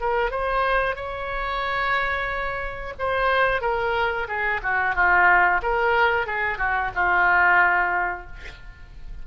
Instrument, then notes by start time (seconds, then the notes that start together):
oboe
0.00 A#4
0.30 C5
0.95 C#5
2.99 C5
3.61 A#4
4.28 G#4
4.62 F#4
4.95 F4
5.62 A#4
6.26 G#4
6.57 F#4
6.94 F4